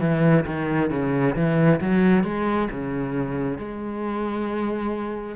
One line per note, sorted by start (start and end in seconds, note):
0.00 0.45 E3
0.46 0.90 D#3
0.90 1.35 C#3
1.35 1.80 E3
1.81 2.23 F#3
2.23 2.68 G#3
2.71 3.58 C#3
3.58 5.36 G#3